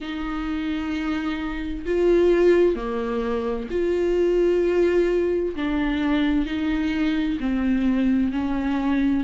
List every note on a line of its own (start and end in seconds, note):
0.00 1.85 D#4
1.85 2.75 F4
2.75 3.68 A#3
3.70 5.55 F4
5.56 6.46 D4
6.46 7.38 D#4
7.39 8.32 C4
8.32 9.24 C#4